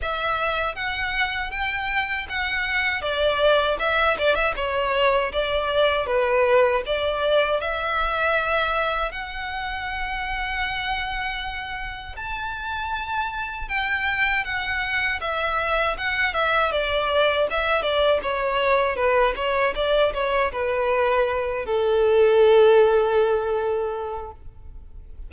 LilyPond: \new Staff \with { instrumentName = "violin" } { \time 4/4 \tempo 4 = 79 e''4 fis''4 g''4 fis''4 | d''4 e''8 d''16 e''16 cis''4 d''4 | b'4 d''4 e''2 | fis''1 |
a''2 g''4 fis''4 | e''4 fis''8 e''8 d''4 e''8 d''8 | cis''4 b'8 cis''8 d''8 cis''8 b'4~ | b'8 a'2.~ a'8 | }